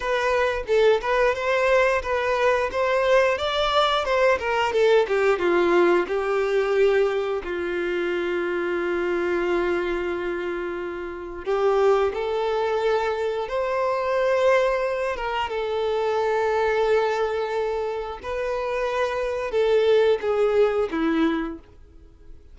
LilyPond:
\new Staff \with { instrumentName = "violin" } { \time 4/4 \tempo 4 = 89 b'4 a'8 b'8 c''4 b'4 | c''4 d''4 c''8 ais'8 a'8 g'8 | f'4 g'2 f'4~ | f'1~ |
f'4 g'4 a'2 | c''2~ c''8 ais'8 a'4~ | a'2. b'4~ | b'4 a'4 gis'4 e'4 | }